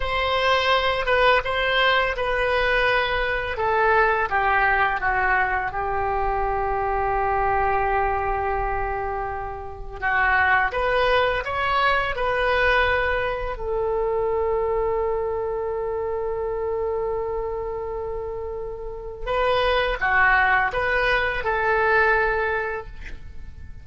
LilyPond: \new Staff \with { instrumentName = "oboe" } { \time 4/4 \tempo 4 = 84 c''4. b'8 c''4 b'4~ | b'4 a'4 g'4 fis'4 | g'1~ | g'2 fis'4 b'4 |
cis''4 b'2 a'4~ | a'1~ | a'2. b'4 | fis'4 b'4 a'2 | }